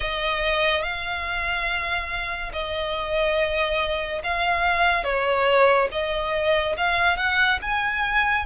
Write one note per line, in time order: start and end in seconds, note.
0.00 0.82 D#5
0.82 2.51 F5
2.52 4.21 D#5
4.23 5.04 F5
5.04 5.88 C#5
5.91 6.76 D#5
6.77 7.16 F5
7.16 7.59 F#5
7.61 8.45 G#5